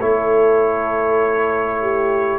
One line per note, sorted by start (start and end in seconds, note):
0.00 2.39 A3
0.00 2.39 E4
0.00 1.81 A4
0.00 2.39 C#5
1.81 2.39 G4